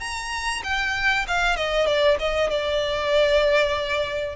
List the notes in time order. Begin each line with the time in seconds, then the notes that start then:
0.00 A#5
0.63 G5
1.27 F5
1.56 D#5
1.86 D5
2.19 D#5
2.50 D5